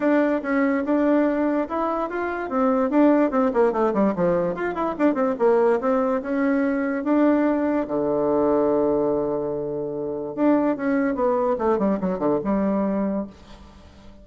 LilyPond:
\new Staff \with { instrumentName = "bassoon" } { \time 4/4 \tempo 4 = 145 d'4 cis'4 d'2 | e'4 f'4 c'4 d'4 | c'8 ais8 a8 g8 f4 f'8 e'8 | d'8 c'8 ais4 c'4 cis'4~ |
cis'4 d'2 d4~ | d1~ | d4 d'4 cis'4 b4 | a8 g8 fis8 d8 g2 | }